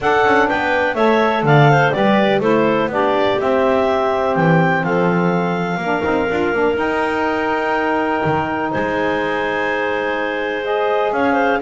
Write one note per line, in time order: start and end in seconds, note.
0.00 0.24 D4
0.00 0.96 D4
0.00 0.48 A4
0.00 0.48 F#5
0.24 0.48 C#4
0.48 0.95 B3
0.48 0.96 B4
0.48 0.94 G5
0.94 1.42 A3
0.94 1.92 A4
0.94 1.44 C#5
0.94 1.43 E5
1.42 1.91 D3
1.42 1.71 D5
1.42 1.91 F5
1.71 1.95 C5
1.91 2.40 G3
1.91 2.41 G4
1.91 2.41 B4
1.91 2.40 D5
2.40 2.87 A3
2.40 2.89 E4
2.40 2.89 A4
2.40 2.89 C5
2.87 3.35 B3
2.87 3.37 D4
2.87 3.40 D5
2.93 4.84 G4
3.37 5.79 C4
3.37 4.36 C4
3.37 4.35 E5
4.35 4.83 E3
4.35 4.84 G5
4.83 5.77 F3
4.83 5.80 A4
4.83 6.77 F5
5.77 6.01 A#3
5.77 6.02 D4
5.77 8.70 A#4
6.02 6.28 C4
6.02 6.26 D#4
6.29 6.53 D4
6.29 6.53 F4
6.53 6.76 A#3
6.53 6.74 D4
6.74 10.61 D#4
6.74 8.22 D#4
6.74 8.71 G5
8.25 8.73 D#3
8.70 11.12 G#3
8.70 11.12 C5
8.70 10.64 G#5
10.64 11.60 G#4
10.64 11.12 D#5
11.12 11.60 C#4
11.12 11.33 C#5
11.12 11.61 F5
11.33 11.57 C5